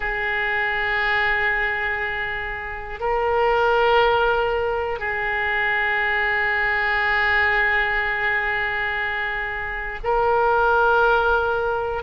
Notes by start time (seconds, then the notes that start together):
0.00 G#4
3.00 A#4
4.99 G#4
10.03 A#4